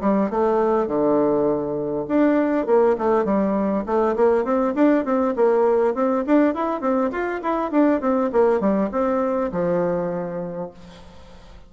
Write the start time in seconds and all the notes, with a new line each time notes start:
0.00 G3
0.30 A3
0.87 D3
2.08 D4
2.66 A#3
2.98 A3
3.25 G3
3.86 A3
4.16 A#3
4.44 C4
4.75 D4
5.04 C4
5.36 A#3
5.94 C4
6.26 D4
6.54 E4
6.80 C4
7.11 F4
7.41 E4
7.71 D4
8.00 C4
8.32 A#3
8.60 G3
8.91 C4
9.52 F3